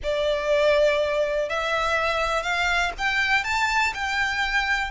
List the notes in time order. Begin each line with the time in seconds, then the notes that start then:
0.03 D5
1.49 E5
2.42 F5
2.98 G5
3.44 A5
3.94 G5